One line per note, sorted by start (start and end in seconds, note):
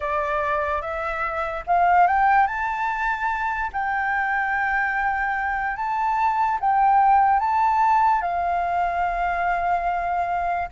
0.00 0.81 D5
0.81 1.63 E5
1.66 2.07 F5
2.07 2.47 G5
2.47 3.70 A5
3.72 5.76 G5
5.76 6.58 A5
6.59 7.39 G5
7.39 8.21 A5
8.21 10.68 F5